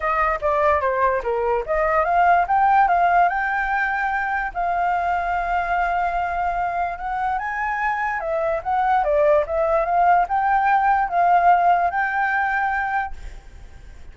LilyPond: \new Staff \with { instrumentName = "flute" } { \time 4/4 \tempo 4 = 146 dis''4 d''4 c''4 ais'4 | dis''4 f''4 g''4 f''4 | g''2. f''4~ | f''1~ |
f''4 fis''4 gis''2 | e''4 fis''4 d''4 e''4 | f''4 g''2 f''4~ | f''4 g''2. | }